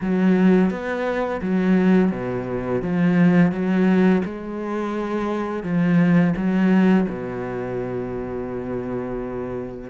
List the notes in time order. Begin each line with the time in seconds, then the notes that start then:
0.01 F#3
0.70 B3
1.41 F#3
2.11 B2
2.82 F3
3.51 F#3
4.24 G#3
5.63 F3
6.36 F#3
7.08 B2